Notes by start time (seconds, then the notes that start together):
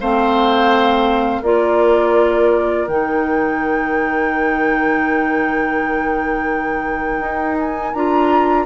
0.00 A3 C4 C5 F5
1.42 A#3 F4 A#4 D5
2.88 D#3 D#4 G5
7.21 D#4
7.59 G#5
7.94 D4 F4 A#5